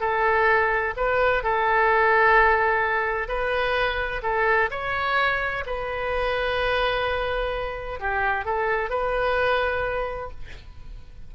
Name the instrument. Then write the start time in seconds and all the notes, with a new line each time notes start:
oboe
0.00 A4
0.96 B4
1.43 A4
3.28 B4
4.22 A4
4.70 C#5
5.66 B4
7.99 G4
8.45 A4
8.89 B4